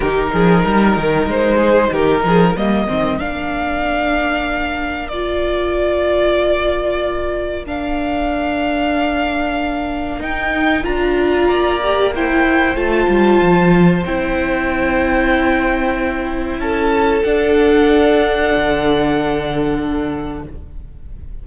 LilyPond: <<
  \new Staff \with { instrumentName = "violin" } { \time 4/4 \tempo 4 = 94 ais'2 c''4 ais'4 | dis''4 f''2. | d''1 | f''1 |
g''4 ais''2 g''4 | a''2 g''2~ | g''2 a''4 fis''4~ | fis''1 | }
  \new Staff \with { instrumentName = "violin" } { \time 4/4 g'8 gis'8 ais'4. gis'8 g'8 gis'8 | ais'1~ | ais'1~ | ais'1~ |
ais'2 d''4 c''4~ | c''1~ | c''2 a'2~ | a'1 | }
  \new Staff \with { instrumentName = "viola" } { \time 4/4 dis'1 | ais8 c'8 d'2. | f'1 | d'1 |
dis'4 f'4. g'8 e'4 | f'2 e'2~ | e'2. d'4~ | d'1 | }
  \new Staff \with { instrumentName = "cello" } { \time 4/4 dis8 f8 g8 dis8 gis4 dis8 f8 | g8 dis8 ais2.~ | ais1~ | ais1 |
dis'4 d'4 ais2 | a8 g8 f4 c'2~ | c'2 cis'4 d'4~ | d'4 d2. | }
>>